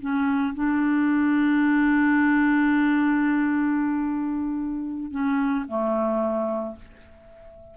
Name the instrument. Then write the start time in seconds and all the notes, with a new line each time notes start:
clarinet
0.00 C#4
0.54 D4
5.11 C#4
5.68 A3